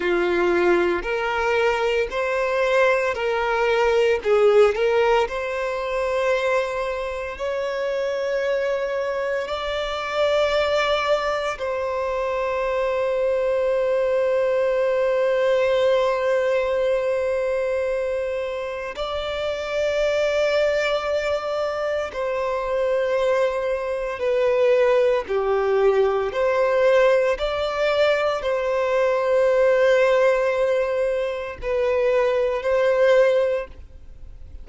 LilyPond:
\new Staff \with { instrumentName = "violin" } { \time 4/4 \tempo 4 = 57 f'4 ais'4 c''4 ais'4 | gis'8 ais'8 c''2 cis''4~ | cis''4 d''2 c''4~ | c''1~ |
c''2 d''2~ | d''4 c''2 b'4 | g'4 c''4 d''4 c''4~ | c''2 b'4 c''4 | }